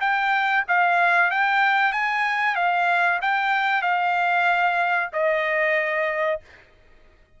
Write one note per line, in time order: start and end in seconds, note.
0.00 0.64 G5
0.68 1.30 F5
1.30 1.92 G5
1.92 2.55 G#5
2.55 3.19 F5
3.21 3.82 G5
3.82 5.09 F5
5.12 6.40 D#5